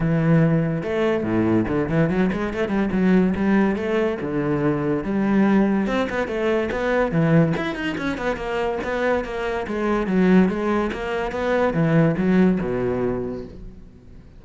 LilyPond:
\new Staff \with { instrumentName = "cello" } { \time 4/4 \tempo 4 = 143 e2 a4 a,4 | d8 e8 fis8 gis8 a8 g8 fis4 | g4 a4 d2 | g2 c'8 b8 a4 |
b4 e4 e'8 dis'8 cis'8 b8 | ais4 b4 ais4 gis4 | fis4 gis4 ais4 b4 | e4 fis4 b,2 | }